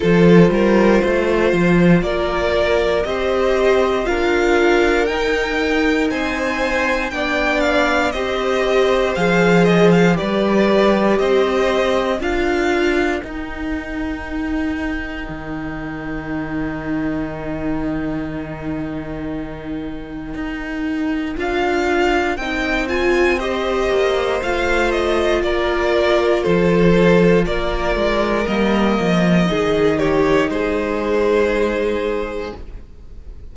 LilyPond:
<<
  \new Staff \with { instrumentName = "violin" } { \time 4/4 \tempo 4 = 59 c''2 d''4 dis''4 | f''4 g''4 gis''4 g''8 f''8 | dis''4 f''8 dis''16 f''16 d''4 dis''4 | f''4 g''2.~ |
g''1~ | g''4 f''4 g''8 gis''8 dis''4 | f''8 dis''8 d''4 c''4 d''4 | dis''4. cis''8 c''2 | }
  \new Staff \with { instrumentName = "violin" } { \time 4/4 a'8 ais'8 c''4 ais'4 c''4 | ais'2 c''4 d''4 | c''2 b'4 c''4 | ais'1~ |
ais'1~ | ais'2. c''4~ | c''4 ais'4 a'4 ais'4~ | ais'4 gis'8 g'8 gis'2 | }
  \new Staff \with { instrumentName = "viola" } { \time 4/4 f'2. g'4 | f'4 dis'2 d'4 | g'4 gis'4 g'2 | f'4 dis'2.~ |
dis'1~ | dis'4 f'4 dis'8 f'8 g'4 | f'1 | ais4 dis'2. | }
  \new Staff \with { instrumentName = "cello" } { \time 4/4 f8 g8 a8 f8 ais4 c'4 | d'4 dis'4 c'4 b4 | c'4 f4 g4 c'4 | d'4 dis'2 dis4~ |
dis1 | dis'4 d'4 c'4. ais8 | a4 ais4 f4 ais8 gis8 | g8 f8 dis4 gis2 | }
>>